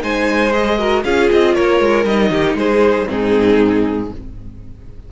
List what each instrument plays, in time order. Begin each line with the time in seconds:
0.00 cello G#3, viola D#4, violin C5 G#5
0.52 viola G#4, violin D#5
0.78 viola F#4, violin A#4
1.04 cello C#4, viola F4, violin G#4 F5
1.31 cello C4, violin D#5
1.54 cello A#3, violin A#4 C#5
1.80 cello G#3
2.05 cello G3, viola D#4, violin D#5
2.30 cello D#3, violin G4
2.54 cello G#3, violin G#4 C5
3.06 cello G#2, viola C4, violin D#4 G#4